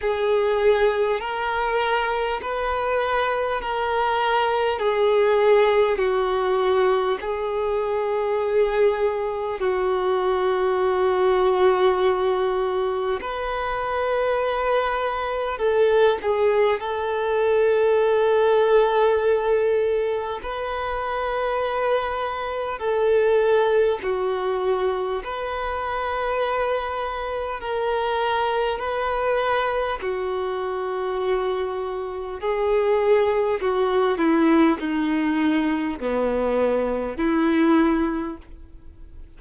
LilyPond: \new Staff \with { instrumentName = "violin" } { \time 4/4 \tempo 4 = 50 gis'4 ais'4 b'4 ais'4 | gis'4 fis'4 gis'2 | fis'2. b'4~ | b'4 a'8 gis'8 a'2~ |
a'4 b'2 a'4 | fis'4 b'2 ais'4 | b'4 fis'2 gis'4 | fis'8 e'8 dis'4 b4 e'4 | }